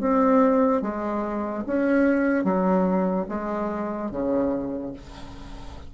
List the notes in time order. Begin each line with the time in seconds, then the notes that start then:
0.00 C4
0.82 G#3
1.67 C#4
2.44 F#3
3.29 G#3
4.11 C#3